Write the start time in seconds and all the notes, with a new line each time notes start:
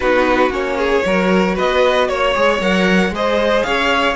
0.00 B3 D#4 F#4 B4
0.49 A#3 C#4 C#5
0.77 G#4
1.05 F#3 F#4 A#4
1.55 B3 B4 D#5
2.08 A#3 C#5
2.34 G#3 G#4
2.60 F#3 A#4 F#5
3.10 G#3 G#4 C5 D#5
3.63 C#4 C#5 F5